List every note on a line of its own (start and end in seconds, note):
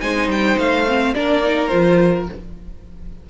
0.00 0.28 G#3
0.00 0.86 D#4
0.00 1.15 C5
0.00 0.28 G#5
0.28 0.56 G3
0.28 0.59 G5
0.58 1.15 A3
0.58 1.14 F5
0.87 1.15 C4
1.14 1.72 A#3
1.14 1.43 D4
1.14 2.30 A#4
1.14 1.67 D5
1.43 1.70 D#4
1.67 2.29 F3
1.67 2.26 F4
1.67 2.24 C5